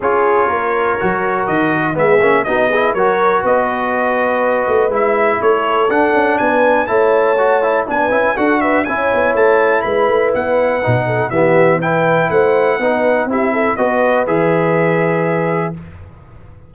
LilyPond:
<<
  \new Staff \with { instrumentName = "trumpet" } { \time 4/4 \tempo 4 = 122 cis''2. dis''4 | e''4 dis''4 cis''4 dis''4~ | dis''2 e''4 cis''4 | fis''4 gis''4 a''2 |
gis''4 fis''8 e''8 gis''4 a''4 | b''4 fis''2 e''4 | g''4 fis''2 e''4 | dis''4 e''2. | }
  \new Staff \with { instrumentName = "horn" } { \time 4/4 gis'4 ais'2. | gis'4 fis'8 gis'8 ais'4 b'4~ | b'2. a'4~ | a'4 b'4 cis''2 |
b'4 a'8 b'8 cis''2 | b'2~ b'8 a'8 g'4 | b'4 c''4 b'4 g'8 a'8 | b'1 | }
  \new Staff \with { instrumentName = "trombone" } { \time 4/4 f'2 fis'2 | b8 cis'8 dis'8 e'8 fis'2~ | fis'2 e'2 | d'2 e'4 fis'8 e'8 |
d'8 e'8 fis'4 e'2~ | e'2 dis'4 b4 | e'2 dis'4 e'4 | fis'4 gis'2. | }
  \new Staff \with { instrumentName = "tuba" } { \time 4/4 cis'4 ais4 fis4 dis4 | gis8 ais8 b4 fis4 b4~ | b4. a8 gis4 a4 | d'8 cis'8 b4 a2 |
b8 cis'8 d'4 cis'8 b8 a4 | gis8 a8 b4 b,4 e4~ | e4 a4 b4 c'4 | b4 e2. | }
>>